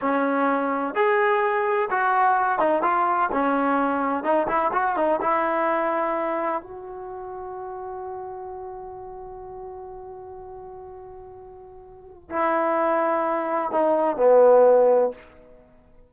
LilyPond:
\new Staff \with { instrumentName = "trombone" } { \time 4/4 \tempo 4 = 127 cis'2 gis'2 | fis'4. dis'8 f'4 cis'4~ | cis'4 dis'8 e'8 fis'8 dis'8 e'4~ | e'2 fis'2~ |
fis'1~ | fis'1~ | fis'2 e'2~ | e'4 dis'4 b2 | }